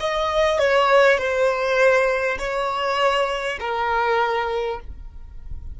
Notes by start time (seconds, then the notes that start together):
0.00 D#5
0.58 C#5
1.18 C5
2.38 C#5
3.60 A#4